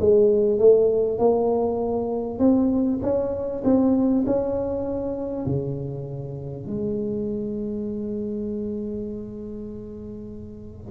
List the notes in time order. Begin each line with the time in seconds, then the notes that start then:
0.00 G#3
0.59 A3
1.19 A#3
2.39 C4
3.02 C#4
3.64 C4
4.26 C#4
5.46 C#3
6.67 G#3